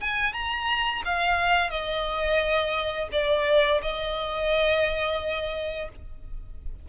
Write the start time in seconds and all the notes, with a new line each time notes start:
0.00 G#5
0.33 A#5
1.05 F5
1.70 D#5
3.12 D5
3.82 D#5